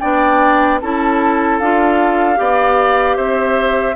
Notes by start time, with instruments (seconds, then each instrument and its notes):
0.00 bassoon B3, clarinet D4, oboe D5, flute G5
0.81 bassoon C#4, clarinet E4, oboe A4, flute A5
1.59 bassoon D4, clarinet F4, flute F5
2.36 bassoon B3, clarinet G4, oboe D5
3.16 bassoon C4, oboe C5, flute E5